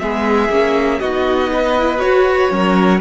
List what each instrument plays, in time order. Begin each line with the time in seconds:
0.00 cello G#3, viola B3, violin G#4 E5
0.50 cello A#3, viola C#4
1.00 cello B3, viola D#4, violin F#4 D#5
1.53 violin B4
1.78 viola E4
1.97 viola F#4, cello F#4, violin C#5
2.50 cello F#3, viola C#4, violin A#4